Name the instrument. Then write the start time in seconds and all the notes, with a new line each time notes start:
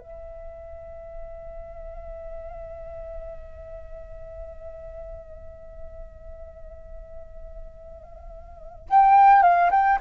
flute
0.00 E5
8.90 G5
9.42 F5
9.71 G5